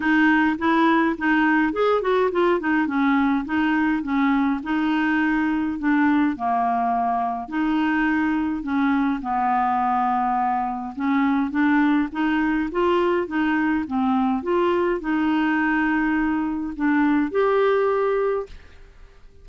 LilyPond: \new Staff \with { instrumentName = "clarinet" } { \time 4/4 \tempo 4 = 104 dis'4 e'4 dis'4 gis'8 fis'8 | f'8 dis'8 cis'4 dis'4 cis'4 | dis'2 d'4 ais4~ | ais4 dis'2 cis'4 |
b2. cis'4 | d'4 dis'4 f'4 dis'4 | c'4 f'4 dis'2~ | dis'4 d'4 g'2 | }